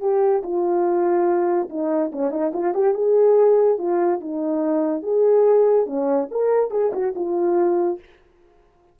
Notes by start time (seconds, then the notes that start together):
0.00 G4
0.43 F4
1.70 D#4
2.12 C#4
2.31 D#4
2.53 F4
2.74 G4
2.94 G#4
3.78 F4
4.21 D#4
5.02 G#4
5.86 C#4
6.31 A#4
6.71 G#4
6.93 F#4
7.15 F4